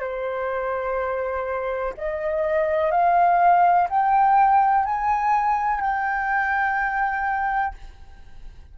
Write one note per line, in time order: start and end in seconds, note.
0.00 1.94 C5
1.97 2.91 D#5
2.91 3.88 F5
3.89 4.85 G5
4.85 5.81 G#5
5.81 7.74 G5